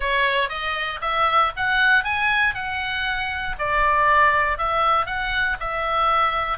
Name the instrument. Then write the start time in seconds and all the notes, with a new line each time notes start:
oboe
0.00 C#5
0.49 D#5
1.01 E5
1.56 F#5
2.04 G#5
2.54 F#5
3.58 D5
4.58 E5
5.06 F#5
5.59 E5